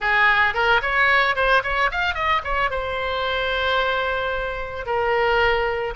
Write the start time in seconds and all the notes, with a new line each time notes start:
0.00 G#4
0.54 A#4
0.82 C#5
1.35 C5
1.63 C#5
1.91 F5
2.14 D#5
2.43 C#5
2.70 C5
4.86 A#4